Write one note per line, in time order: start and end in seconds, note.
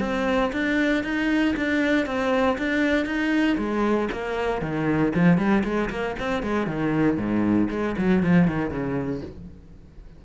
0.00 0.51 C4
0.52 1.03 D4
1.03 1.55 D#4
1.56 2.06 D4
2.06 2.57 C4
2.58 3.05 D4
3.05 3.57 D#4
3.57 4.09 G#3
4.12 4.62 A#3
4.62 5.13 D#3
5.14 5.37 F3
5.37 5.63 G3
5.64 5.89 G#3
5.90 6.15 A#3
6.19 6.43 C4
6.43 6.67 G#3
6.67 7.17 D#3
7.17 7.68 G#2
7.70 7.96 G#3
7.98 8.23 F#3
8.23 8.48 F3
8.48 8.70 D#3
8.70 9.22 C#3